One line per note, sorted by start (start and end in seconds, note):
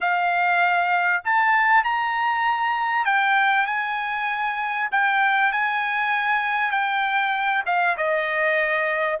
0.01 1.23 F5
1.24 1.84 A5
1.84 3.05 A#5
3.05 3.66 G5
3.66 4.88 G#5
4.91 5.52 G5
5.52 6.71 G#5
6.71 7.63 G5
7.65 7.96 F5
7.97 9.19 D#5